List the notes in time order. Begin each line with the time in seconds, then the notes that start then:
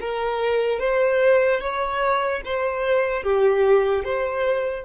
0.00 A#4
0.79 C5
1.60 C#5
2.45 C5
3.23 G4
4.04 C5